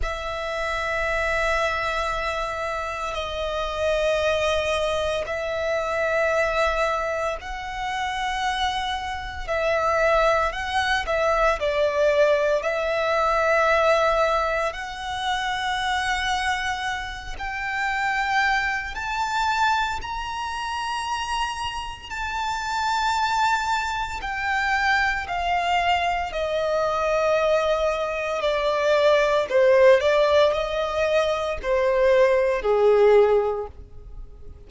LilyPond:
\new Staff \with { instrumentName = "violin" } { \time 4/4 \tempo 4 = 57 e''2. dis''4~ | dis''4 e''2 fis''4~ | fis''4 e''4 fis''8 e''8 d''4 | e''2 fis''2~ |
fis''8 g''4. a''4 ais''4~ | ais''4 a''2 g''4 | f''4 dis''2 d''4 | c''8 d''8 dis''4 c''4 gis'4 | }